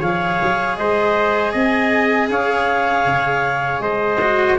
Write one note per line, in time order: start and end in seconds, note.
0.00 0.40 F3
0.00 4.18 G#4
0.00 0.76 C#5
0.00 0.76 F5
0.42 0.78 F#3
0.76 1.54 G#3
0.76 1.52 C5
0.76 1.52 D#5
1.52 2.30 C4
1.52 2.28 D#5
1.52 2.31 G#5
2.30 3.06 C#4
2.30 3.82 C#5
2.30 3.81 F5
3.06 3.80 C#3
3.80 4.56 G#3
3.80 4.58 C5
3.80 4.57 D#5
4.20 4.58 F#4